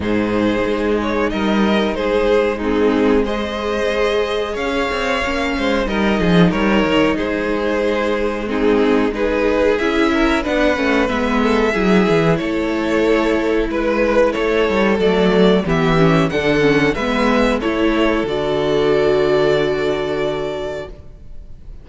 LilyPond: <<
  \new Staff \with { instrumentName = "violin" } { \time 4/4 \tempo 4 = 92 c''4. cis''8 dis''4 c''4 | gis'4 dis''2 f''4~ | f''4 dis''4 cis''4 c''4~ | c''4 gis'4 b'4 e''4 |
fis''4 e''2 cis''4~ | cis''4 b'4 cis''4 d''4 | e''4 fis''4 e''4 cis''4 | d''1 | }
  \new Staff \with { instrumentName = "violin" } { \time 4/4 gis'2 ais'4 gis'4 | dis'4 c''2 cis''4~ | cis''8 c''8 ais'8 gis'8 ais'4 gis'4~ | gis'4 dis'4 gis'4. ais'8 |
b'4. a'8 gis'4 a'4~ | a'4 b'4 a'2 | g'4 a'4 b'4 a'4~ | a'1 | }
  \new Staff \with { instrumentName = "viola" } { \time 4/4 dis'1 | c'4 gis'2. | cis'4 dis'2.~ | dis'4 c'4 dis'4 e'4 |
d'8 cis'8 b4 e'2~ | e'2. a4 | b8 cis'8 d'8 cis'8 b4 e'4 | fis'1 | }
  \new Staff \with { instrumentName = "cello" } { \time 4/4 gis,4 gis4 g4 gis4~ | gis2. cis'8 c'8 | ais8 gis8 g8 f8 g8 dis8 gis4~ | gis2. cis'4 |
b8 a8 gis4 fis8 e8 a4~ | a4 gis4 a8 g8 fis4 | e4 d4 gis4 a4 | d1 | }
>>